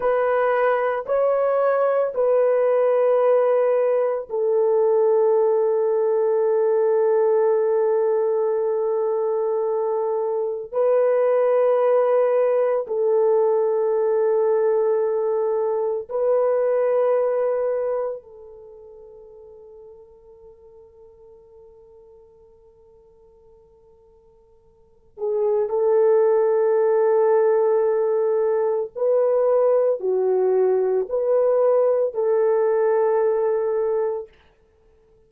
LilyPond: \new Staff \with { instrumentName = "horn" } { \time 4/4 \tempo 4 = 56 b'4 cis''4 b'2 | a'1~ | a'2 b'2 | a'2. b'4~ |
b'4 a'2.~ | a'2.~ a'8 gis'8 | a'2. b'4 | fis'4 b'4 a'2 | }